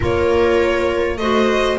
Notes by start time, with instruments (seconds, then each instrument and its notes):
0.00 double bass A#3, clarinet F4, viola A#4, violin C#5
1.17 double bass A3, clarinet F#4, viola C5, violin D#5